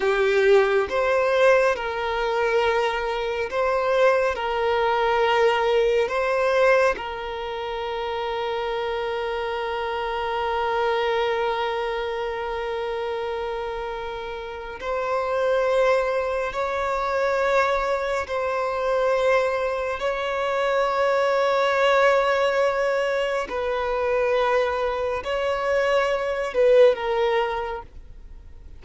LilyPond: \new Staff \with { instrumentName = "violin" } { \time 4/4 \tempo 4 = 69 g'4 c''4 ais'2 | c''4 ais'2 c''4 | ais'1~ | ais'1~ |
ais'4 c''2 cis''4~ | cis''4 c''2 cis''4~ | cis''2. b'4~ | b'4 cis''4. b'8 ais'4 | }